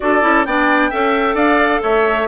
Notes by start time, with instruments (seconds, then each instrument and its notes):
0.00 bassoon D4, clarinet F#4, oboe A4, flute D5
0.21 bassoon C#4, clarinet E4
0.45 bassoon B3, clarinet D4, oboe D5, flute G5
0.89 bassoon C#4, clarinet A4, oboe E5
1.34 bassoon D4, oboe D5, flute F5
1.82 bassoon A3, oboe C#5, flute E5